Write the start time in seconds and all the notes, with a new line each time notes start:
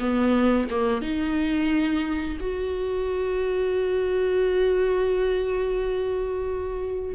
0.00 B3
0.71 A#3
1.02 D#4
2.40 F#4